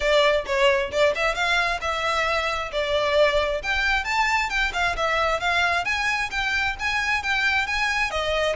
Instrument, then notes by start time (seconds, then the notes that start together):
violin
0.00 D5
0.46 C#5
0.91 D5
1.15 E5
1.34 F5
1.81 E5
2.71 D5
3.62 G5
4.04 A5
4.49 G5
4.73 F5
4.96 E5
5.40 F5
5.85 G#5
6.31 G5
6.79 G#5
7.22 G5
7.66 G#5
8.11 D#5